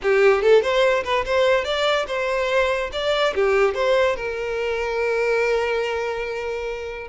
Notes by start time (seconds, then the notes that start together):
0.02 G4
0.42 A4
0.62 C5
1.04 B4
1.25 C5
1.64 D5
2.07 C5
2.92 D5
3.34 G4
3.74 C5
4.16 A#4